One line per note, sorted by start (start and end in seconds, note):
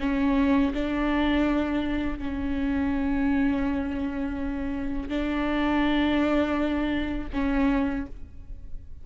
0.00 0.73 C#4
0.74 2.19 D4
2.19 5.09 C#4
5.09 7.29 D4
7.33 8.07 C#4